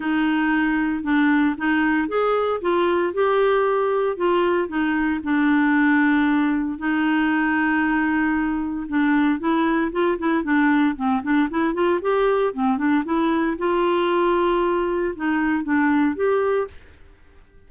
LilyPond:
\new Staff \with { instrumentName = "clarinet" } { \time 4/4 \tempo 4 = 115 dis'2 d'4 dis'4 | gis'4 f'4 g'2 | f'4 dis'4 d'2~ | d'4 dis'2.~ |
dis'4 d'4 e'4 f'8 e'8 | d'4 c'8 d'8 e'8 f'8 g'4 | c'8 d'8 e'4 f'2~ | f'4 dis'4 d'4 g'4 | }